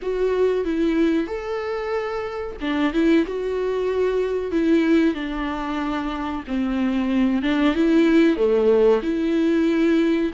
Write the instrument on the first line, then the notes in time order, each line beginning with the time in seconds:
viola
0.02 F#4
0.65 E4
1.27 A4
2.60 D4
2.93 E4
3.26 F#4
4.51 E4
5.14 D4
6.47 C4
7.42 D4
7.74 E4
8.36 A3
9.02 E4